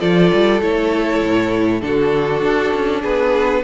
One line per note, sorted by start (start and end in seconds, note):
0.00 0.32 F3
0.00 0.61 F4
0.00 1.82 A4
0.00 0.61 D5
0.33 0.61 G3
0.61 1.22 A3
0.61 1.81 E4
0.61 1.81 C#5
1.23 1.83 A2
1.81 2.43 D3
1.81 3.63 D4
1.81 3.02 F#4
1.81 3.02 A4
2.43 2.73 D4
2.74 3.04 C#4
3.02 3.64 B3
3.02 3.62 G#4
3.02 3.64 B4